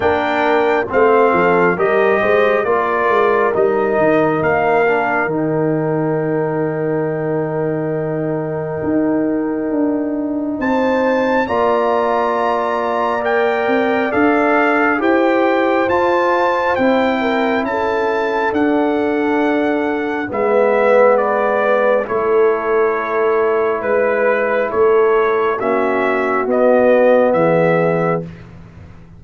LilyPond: <<
  \new Staff \with { instrumentName = "trumpet" } { \time 4/4 \tempo 4 = 68 g''4 f''4 dis''4 d''4 | dis''4 f''4 g''2~ | g''1 | a''4 ais''2 g''4 |
f''4 g''4 a''4 g''4 | a''4 fis''2 e''4 | d''4 cis''2 b'4 | cis''4 e''4 dis''4 e''4 | }
  \new Staff \with { instrumentName = "horn" } { \time 4/4 ais'4 c''8 a'8 ais'8 c''8 ais'4~ | ais'1~ | ais'1 | c''4 d''2.~ |
d''4 c''2~ c''8 ais'8 | a'2. b'4~ | b'4 a'2 b'4 | a'4 fis'2 gis'4 | }
  \new Staff \with { instrumentName = "trombone" } { \time 4/4 d'4 c'4 g'4 f'4 | dis'4. d'8 dis'2~ | dis'1~ | dis'4 f'2 ais'4 |
a'4 g'4 f'4 e'4~ | e'4 d'2 b4~ | b4 e'2.~ | e'4 cis'4 b2 | }
  \new Staff \with { instrumentName = "tuba" } { \time 4/4 ais4 a8 f8 g8 gis8 ais8 gis8 | g8 dis8 ais4 dis2~ | dis2 dis'4 d'4 | c'4 ais2~ ais8 c'8 |
d'4 e'4 f'4 c'4 | cis'4 d'2 gis4~ | gis4 a2 gis4 | a4 ais4 b4 e4 | }
>>